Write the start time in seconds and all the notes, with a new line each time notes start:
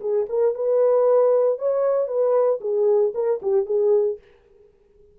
0.00 G#4
0.29 A#4
0.55 B4
1.58 C#5
2.07 B4
2.60 G#4
3.14 A#4
3.42 G4
3.66 G#4